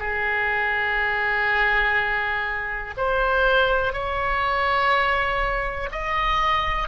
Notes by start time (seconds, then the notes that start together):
0.00 G#4
2.98 C5
3.93 C#5
5.92 D#5